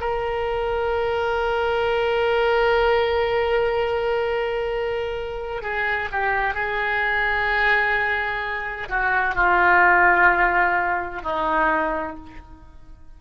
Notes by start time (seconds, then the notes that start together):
0.00 A#4
5.62 G#4
6.12 G4
6.54 G#4
8.88 F#4
9.35 F4
11.22 D#4